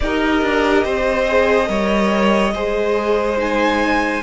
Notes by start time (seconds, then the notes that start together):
0.00 D#4 G4 A#4 D#5
0.42 D4
0.83 C4 C5
1.27 G#4
1.65 G3 A#4 C#5
2.53 G#3 G#4 C5
3.37 D#4 G#5